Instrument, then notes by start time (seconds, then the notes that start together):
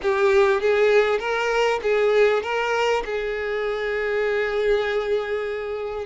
violin
0.02 G4
0.60 G#4
1.19 A#4
1.82 G#4
2.42 A#4
3.05 G#4